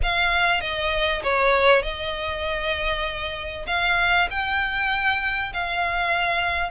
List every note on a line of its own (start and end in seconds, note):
0.02 0.61 F5
0.61 1.22 D#5
1.23 1.82 C#5
1.82 3.66 D#5
3.67 4.28 F5
4.30 5.52 G5
5.53 6.70 F5